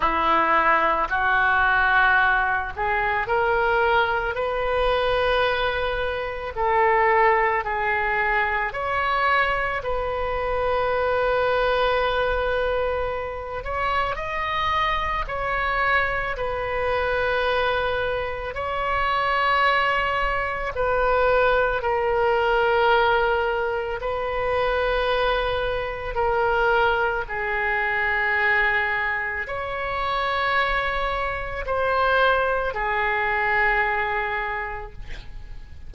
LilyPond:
\new Staff \with { instrumentName = "oboe" } { \time 4/4 \tempo 4 = 55 e'4 fis'4. gis'8 ais'4 | b'2 a'4 gis'4 | cis''4 b'2.~ | b'8 cis''8 dis''4 cis''4 b'4~ |
b'4 cis''2 b'4 | ais'2 b'2 | ais'4 gis'2 cis''4~ | cis''4 c''4 gis'2 | }